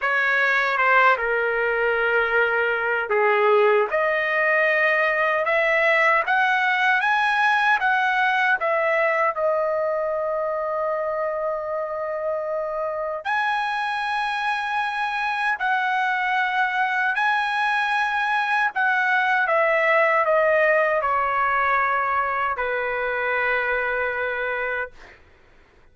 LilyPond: \new Staff \with { instrumentName = "trumpet" } { \time 4/4 \tempo 4 = 77 cis''4 c''8 ais'2~ ais'8 | gis'4 dis''2 e''4 | fis''4 gis''4 fis''4 e''4 | dis''1~ |
dis''4 gis''2. | fis''2 gis''2 | fis''4 e''4 dis''4 cis''4~ | cis''4 b'2. | }